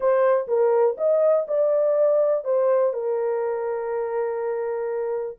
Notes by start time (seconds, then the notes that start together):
0.00 C5
0.47 A#4
0.97 D#5
1.47 D5
2.44 C5
2.93 A#4